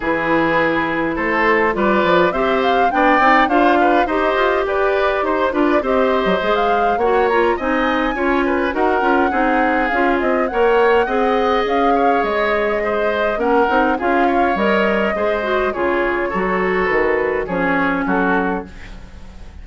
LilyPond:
<<
  \new Staff \with { instrumentName = "flute" } { \time 4/4 \tempo 4 = 103 b'2 c''4 d''4 | e''8 f''8 g''4 f''4 dis''4 | d''4 c''8 d''8 dis''4~ dis''16 f''8. | fis''8 ais''8 gis''2 fis''4~ |
fis''4 f''8 dis''8 fis''2 | f''4 dis''2 fis''4 | f''4 dis''2 cis''4~ | cis''4 b'4 cis''4 a'4 | }
  \new Staff \with { instrumentName = "oboe" } { \time 4/4 gis'2 a'4 b'4 | c''4 d''4 c''8 b'8 c''4 | b'4 c''8 b'8 c''2 | cis''4 dis''4 cis''8 b'8 ais'4 |
gis'2 cis''4 dis''4~ | dis''8 cis''4. c''4 ais'4 | gis'8 cis''4. c''4 gis'4 | a'2 gis'4 fis'4 | }
  \new Staff \with { instrumentName = "clarinet" } { \time 4/4 e'2. f'4 | g'4 d'8 dis'8 f'4 g'4~ | g'4. f'8 g'4 gis'4 | fis'8 f'8 dis'4 f'4 fis'8 f'8 |
dis'4 f'4 ais'4 gis'4~ | gis'2. cis'8 dis'8 | f'4 ais'4 gis'8 fis'8 f'4 | fis'2 cis'2 | }
  \new Staff \with { instrumentName = "bassoon" } { \time 4/4 e2 a4 g8 f8 | c'4 b8 c'8 d'4 dis'8 f'8 | g'4 dis'8 d'8 c'8. fis16 gis4 | ais4 c'4 cis'4 dis'8 cis'8 |
c'4 cis'8 c'8 ais4 c'4 | cis'4 gis2 ais8 c'8 | cis'4 g4 gis4 cis4 | fis4 dis4 f4 fis4 | }
>>